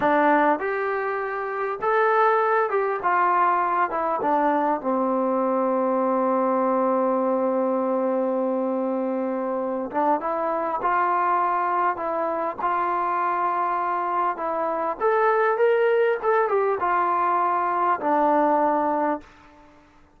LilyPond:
\new Staff \with { instrumentName = "trombone" } { \time 4/4 \tempo 4 = 100 d'4 g'2 a'4~ | a'8 g'8 f'4. e'8 d'4 | c'1~ | c'1~ |
c'8 d'8 e'4 f'2 | e'4 f'2. | e'4 a'4 ais'4 a'8 g'8 | f'2 d'2 | }